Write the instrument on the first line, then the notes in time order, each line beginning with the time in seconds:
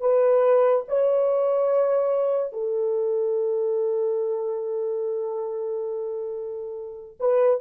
horn
0.00 B4
0.88 C#5
2.52 A4
7.19 B4